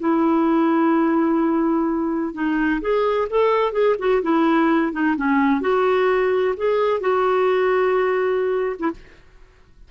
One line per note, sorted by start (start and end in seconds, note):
0.00 2.34 E4
2.34 2.81 D#4
2.81 3.28 G#4
3.30 3.73 A4
3.73 3.96 G#4
3.99 4.22 F#4
4.23 4.92 E4
4.92 5.16 D#4
5.17 5.61 C#4
5.61 6.55 F#4
6.57 7.01 G#4
7.01 8.77 F#4
8.80 8.91 E4